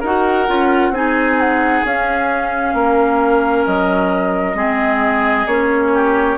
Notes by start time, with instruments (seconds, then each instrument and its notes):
0.00 bassoon D#4, clarinet F#4, oboe A#4, flute F#5
0.47 bassoon C#4, clarinet F4
0.90 bassoon C4, clarinet D#4, oboe G#4, flute G#5
1.39 flute F#5
1.85 bassoon C#4, clarinet C#4, flute F5
2.73 bassoon A#3, oboe A#4
3.66 bassoon F#3, flute D#5
4.54 bassoon G#3, clarinet C4, oboe G#4
5.46 bassoon A#3, clarinet C#4, flute C#5
5.93 oboe G4